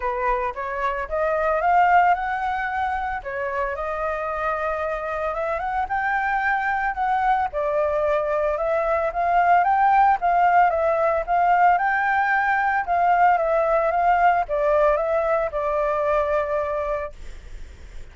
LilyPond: \new Staff \with { instrumentName = "flute" } { \time 4/4 \tempo 4 = 112 b'4 cis''4 dis''4 f''4 | fis''2 cis''4 dis''4~ | dis''2 e''8 fis''8 g''4~ | g''4 fis''4 d''2 |
e''4 f''4 g''4 f''4 | e''4 f''4 g''2 | f''4 e''4 f''4 d''4 | e''4 d''2. | }